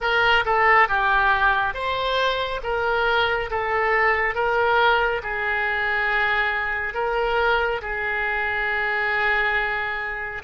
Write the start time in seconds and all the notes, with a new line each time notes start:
0.00 A#4
0.45 A4
0.88 G4
1.74 C5
2.63 A#4
3.50 A4
4.34 A#4
5.23 G#4
6.94 A#4
7.81 G#4